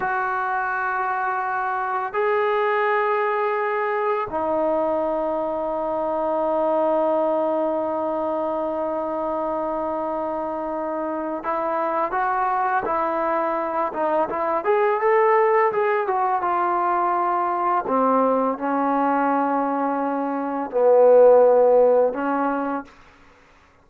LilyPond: \new Staff \with { instrumentName = "trombone" } { \time 4/4 \tempo 4 = 84 fis'2. gis'4~ | gis'2 dis'2~ | dis'1~ | dis'1 |
e'4 fis'4 e'4. dis'8 | e'8 gis'8 a'4 gis'8 fis'8 f'4~ | f'4 c'4 cis'2~ | cis'4 b2 cis'4 | }